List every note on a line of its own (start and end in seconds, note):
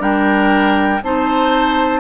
0.00 1.01 G3
0.00 1.00 D4
0.00 1.01 A#4
0.00 1.02 G5
1.03 2.01 C4
1.03 2.01 D#4
1.03 2.01 C5
1.03 2.01 A5